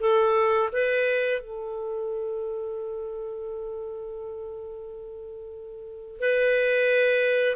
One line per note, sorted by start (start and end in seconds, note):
0.00 0.69 A4
0.72 1.41 B4
1.41 6.20 A4
6.20 7.56 B4